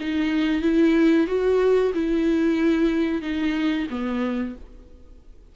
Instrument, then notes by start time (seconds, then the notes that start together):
viola
0.00 D#4
0.61 E4
1.27 F#4
1.94 E4
3.21 D#4
3.90 B3